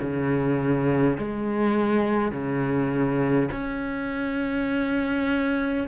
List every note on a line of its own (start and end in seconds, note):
0.00 1.17 C#3
1.17 2.32 G#3
2.32 3.49 C#3
3.51 5.87 C#4